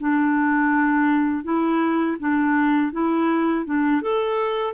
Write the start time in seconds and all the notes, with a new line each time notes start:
0.00 D4
1.44 E4
2.20 D4
2.92 E4
3.65 D4
4.02 A4